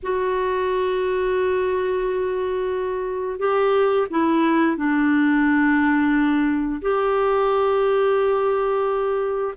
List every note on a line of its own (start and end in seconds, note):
0.02 3.39 F#4
3.39 4.07 G4
4.10 4.76 E4
4.76 6.81 D4
6.81 9.54 G4